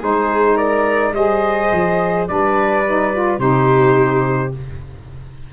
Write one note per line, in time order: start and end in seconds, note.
0.00 1.12 G#3
0.00 1.13 D#4
0.00 0.56 G#4
0.00 0.57 C5
0.56 1.12 A#4
0.56 1.14 D5
1.12 1.69 G3
1.12 2.27 G#4
1.12 2.28 C5
1.12 2.27 D#5
1.72 2.29 F3
2.27 3.38 G3
2.27 2.84 D4
2.27 3.39 B4
2.27 3.40 D5
2.87 3.14 D#4
3.14 3.38 F4
3.38 4.52 C3
3.38 4.51 D#4
3.38 4.52 G4
3.38 4.53 C5